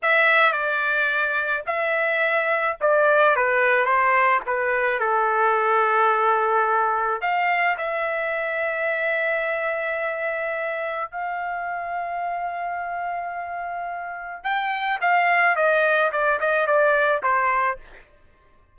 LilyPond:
\new Staff \with { instrumentName = "trumpet" } { \time 4/4 \tempo 4 = 108 e''4 d''2 e''4~ | e''4 d''4 b'4 c''4 | b'4 a'2.~ | a'4 f''4 e''2~ |
e''1 | f''1~ | f''2 g''4 f''4 | dis''4 d''8 dis''8 d''4 c''4 | }